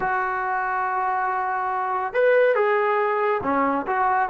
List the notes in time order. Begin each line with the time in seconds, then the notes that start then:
0.00 F#4
2.14 B4
2.55 G#4
3.43 C#4
3.86 F#4